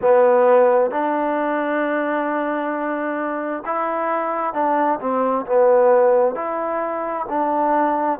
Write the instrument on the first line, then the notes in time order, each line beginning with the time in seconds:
trombone
0.01 B3
0.90 D4
3.65 E4
4.53 D4
5.00 C4
5.45 B3
6.35 E4
7.29 D4